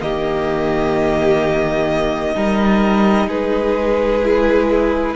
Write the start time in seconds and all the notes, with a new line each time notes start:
0.00 D#3 A#3 G4 D#5
2.34 G3 D#4 A#4
3.27 G#3 G#4 B4
4.23 E4